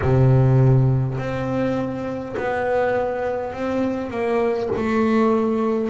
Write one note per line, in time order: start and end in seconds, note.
0.01 1.18 C3
1.18 2.35 C4
2.36 3.53 B3
3.53 4.10 C4
4.10 4.69 A#3
4.75 5.89 A3